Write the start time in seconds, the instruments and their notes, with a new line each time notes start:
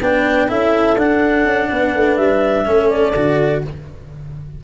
0.00 tuba B3, cello D4, horn B4, clarinet G5
0.48 tuba C#4, cello E4, horn A4, clarinet E5
0.97 tuba D4, cello D4, clarinet F#5
1.45 tuba C#4
1.70 tuba B3, horn B4
1.95 tuba A3
2.16 tuba G3, clarinet E5
2.65 tuba A3, cello C#4, horn A4
2.89 clarinet D5
3.16 tuba D3, cello F#4